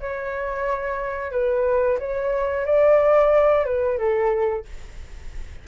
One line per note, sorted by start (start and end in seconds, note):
0.00 1.32 C#5
1.32 1.98 B4
1.99 2.66 C#5
2.66 3.65 D5
3.65 3.98 B4
3.98 4.65 A4